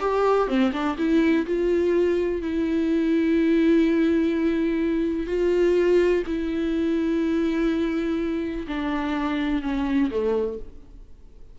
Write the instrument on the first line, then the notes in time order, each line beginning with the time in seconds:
viola
0.00 G4
0.48 C4
0.73 D4
0.98 E4
1.46 F4
2.42 E4
5.27 F4
6.27 E4
8.67 D4
9.62 C#4
10.11 A3